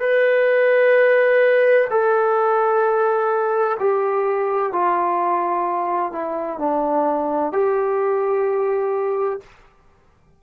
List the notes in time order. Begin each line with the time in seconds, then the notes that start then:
0.00 B4
1.90 A4
3.79 G4
4.72 F4
6.12 E4
6.58 D4
7.52 G4